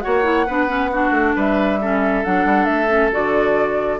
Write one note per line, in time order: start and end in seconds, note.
0.00 0.47 A#3
0.00 0.23 F#4
0.00 0.46 C#5
0.00 1.32 F#5
0.23 0.45 E4
0.46 1.10 B3
0.46 0.67 D4
0.46 0.90 B4
0.67 0.89 C#4
0.92 1.81 D4
0.92 1.35 F#4
1.10 1.33 A3
1.35 2.24 G3
1.35 1.79 B4
1.35 2.24 E5
1.81 2.24 C#4
1.81 4.00 A4
2.24 2.45 F#3
2.24 2.88 D4
2.24 2.65 F#5
2.45 2.66 G3
2.65 3.10 A3
2.65 3.09 E5
2.88 3.10 C#4
3.11 4.00 D3
3.11 4.00 F#4
3.11 4.00 D5